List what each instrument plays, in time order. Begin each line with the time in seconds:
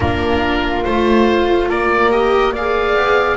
0.00 double bass A#3, viola D4, flute F4, oboe A#4
0.84 double bass A3, viola F4, oboe C5
1.68 double bass A#3, flute A#4, oboe D5
2.10 viola G4, oboe D#5
2.52 viola G#4, flute D5, oboe F5
2.95 double bass B3